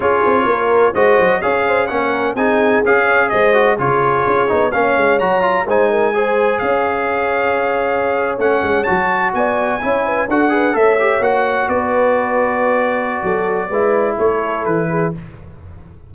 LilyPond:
<<
  \new Staff \with { instrumentName = "trumpet" } { \time 4/4 \tempo 4 = 127 cis''2 dis''4 f''4 | fis''4 gis''4 f''4 dis''4 | cis''2 f''4 ais''4 | gis''2 f''2~ |
f''4.~ f''16 fis''4 a''4 gis''16~ | gis''4.~ gis''16 fis''4 e''4 fis''16~ | fis''8. d''2.~ d''16~ | d''2 cis''4 b'4 | }
  \new Staff \with { instrumentName = "horn" } { \time 4/4 gis'4 ais'4 c''4 cis''8 c''8 | ais'4 gis'4. cis''8 c''4 | gis'2 cis''2 | c''8 ais'8 c''4 cis''2~ |
cis''2.~ cis''8. d''16~ | d''8. cis''8 b'8 a'8 b'8 cis''4~ cis''16~ | cis''8. b'2.~ b'16 | a'4 b'4 a'4. gis'8 | }
  \new Staff \with { instrumentName = "trombone" } { \time 4/4 f'2 fis'4 gis'4 | cis'4 dis'4 gis'4. fis'8 | f'4. dis'8 cis'4 fis'8 f'8 | dis'4 gis'2.~ |
gis'4.~ gis'16 cis'4 fis'4~ fis'16~ | fis'8. e'4 fis'8 gis'8 a'8 g'8 fis'16~ | fis'1~ | fis'4 e'2. | }
  \new Staff \with { instrumentName = "tuba" } { \time 4/4 cis'8 c'8 ais4 gis8 fis8 cis'4 | ais4 c'4 cis'4 gis4 | cis4 cis'8 b8 ais8 gis8 fis4 | gis2 cis'2~ |
cis'4.~ cis'16 a8 gis8 fis4 b16~ | b8. cis'4 d'4 a4 ais16~ | ais8. b2.~ b16 | fis4 gis4 a4 e4 | }
>>